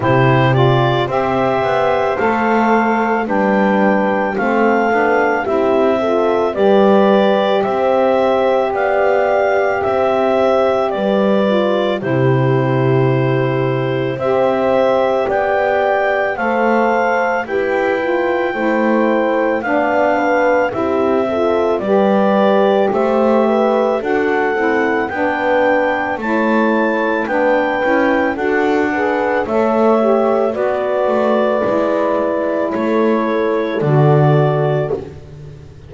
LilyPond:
<<
  \new Staff \with { instrumentName = "clarinet" } { \time 4/4 \tempo 4 = 55 c''8 d''8 e''4 f''4 g''4 | f''4 e''4 d''4 e''4 | f''4 e''4 d''4 c''4~ | c''4 e''4 g''4 f''4 |
g''2 f''4 e''4 | d''4 e''4 fis''4 g''4 | a''4 g''4 fis''4 e''4 | d''2 cis''4 d''4 | }
  \new Staff \with { instrumentName = "horn" } { \time 4/4 g'4 c''2 b'4 | a'4 g'8 a'8 b'4 c''4 | d''4 c''4 b'4 g'4~ | g'4 c''4 d''4 c''4 |
b'4 c''4 d''8 b'8 g'8 a'8 | b'4 c''8 b'8 a'4 b'4 | cis''4 b'4 a'8 b'8 cis''4 | b'2 a'2 | }
  \new Staff \with { instrumentName = "saxophone" } { \time 4/4 e'8 f'8 g'4 a'4 d'4 | c'8 d'8 e'8 f'8 g'2~ | g'2~ g'8 f'8 e'4~ | e'4 g'2 a'4 |
g'8 f'8 e'4 d'4 e'8 f'8 | g'2 fis'8 e'8 d'4 | e'4 d'8 e'8 fis'8 gis'8 a'8 g'8 | fis'4 e'2 fis'4 | }
  \new Staff \with { instrumentName = "double bass" } { \time 4/4 c4 c'8 b8 a4 g4 | a8 b8 c'4 g4 c'4 | b4 c'4 g4 c4~ | c4 c'4 b4 a4 |
e'4 a4 b4 c'4 | g4 a4 d'8 c'8 b4 | a4 b8 cis'8 d'4 a4 | b8 a8 gis4 a4 d4 | }
>>